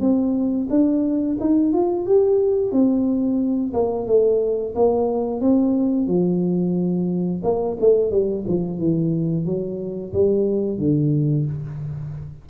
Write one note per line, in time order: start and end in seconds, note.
0.00 0.67 C4
0.70 1.37 D4
1.40 1.73 D#4
1.73 2.06 F4
2.06 2.72 G4
2.72 3.73 C4
3.73 4.07 A#3
4.07 4.74 A3
4.75 5.40 A#3
5.40 6.07 C4
6.07 7.42 F3
7.43 7.77 A#3
7.80 8.11 A3
8.11 8.45 G3
8.47 8.78 F3
8.78 9.45 E3
9.45 10.12 F#3
10.13 10.78 G3
10.78 11.45 D3